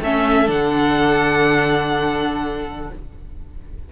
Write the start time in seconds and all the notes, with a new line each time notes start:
0.00 A3 C#4 A4 E5
0.47 D3 D4 F#5